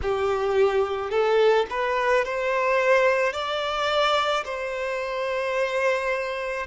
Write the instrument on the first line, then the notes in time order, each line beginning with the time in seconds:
violin
0.02 G4
1.10 A4
1.69 B4
2.24 C5
3.32 D5
4.44 C5